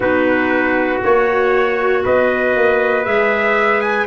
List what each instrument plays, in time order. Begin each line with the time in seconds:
0.00 tuba B3, clarinet D#4, trumpet F#4 B4
1.03 tuba A#3, clarinet F#4, trumpet C#5
2.03 tuba B3, trumpet B4 D#5
2.56 tuba A#3
3.04 tuba G#3, clarinet G#4, trumpet E5
3.80 trumpet G#5